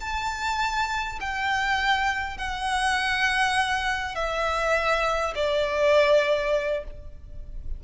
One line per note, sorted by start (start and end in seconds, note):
0.00 1.19 A5
1.20 2.37 G5
2.37 4.15 F#5
4.15 5.34 E5
5.35 6.84 D5